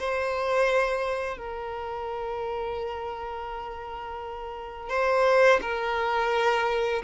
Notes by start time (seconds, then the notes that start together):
0.00 C5
1.38 A#4
4.90 C5
5.62 A#4